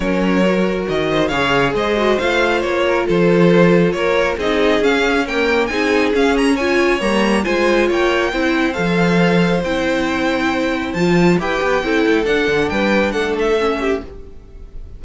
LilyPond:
<<
  \new Staff \with { instrumentName = "violin" } { \time 4/4 \tempo 4 = 137 cis''2 dis''4 f''4 | dis''4 f''4 cis''4 c''4~ | c''4 cis''4 dis''4 f''4 | g''4 gis''4 f''8 ais''8 gis''4 |
ais''4 gis''4 g''2 | f''2 g''2~ | g''4 a''4 g''2 | fis''4 g''4 fis''8 e''4. | }
  \new Staff \with { instrumentName = "violin" } { \time 4/4 ais'2~ ais'8 c''8 cis''4 | c''2~ c''8 ais'8 a'4~ | a'4 ais'4 gis'2 | ais'4 gis'2 cis''4~ |
cis''4 c''4 cis''4 c''4~ | c''1~ | c''2 b'4 a'4~ | a'4 b'4 a'4. g'8 | }
  \new Staff \with { instrumentName = "viola" } { \time 4/4 cis'4 fis'2 gis'4~ | gis'8 fis'8 f'2.~ | f'2 dis'4 cis'4 | ais4 dis'4 cis'4 f'4 |
ais4 f'2 e'4 | a'2 e'2~ | e'4 f'4 g'4 e'4 | d'2. cis'4 | }
  \new Staff \with { instrumentName = "cello" } { \time 4/4 fis2 dis4 cis4 | gis4 a4 ais4 f4~ | f4 ais4 c'4 cis'4~ | cis'4 c'4 cis'2 |
g4 gis4 ais4 c'4 | f2 c'2~ | c'4 f4 e'8 b8 c'8 a8 | d'8 d8 g4 a2 | }
>>